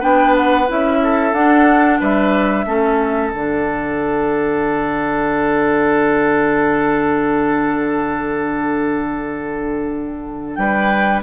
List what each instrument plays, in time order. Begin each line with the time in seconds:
0.00 bassoon B3, clarinet D4, oboe B4, flute G5
0.37 flute F#5
0.68 bassoon C#4, clarinet E4, flute E5
1.03 oboe A4
1.33 bassoon D4, clarinet D4, flute F#5
2.00 bassoon G3, oboe B4, flute E5
2.66 bassoon A3, clarinet C#4, oboe A4
3.32 bassoon D3, clarinet D4, flute F#5
10.55 bassoon G3, oboe B4, flute G5